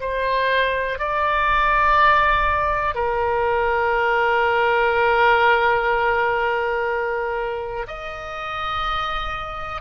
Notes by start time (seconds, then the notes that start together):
0.00 C5
0.98 D5
2.95 A#4
7.87 D#5